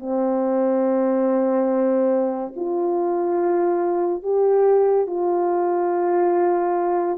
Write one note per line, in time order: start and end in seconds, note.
0.00 2.54 C4
2.56 4.23 F4
4.23 5.07 G4
5.07 7.19 F4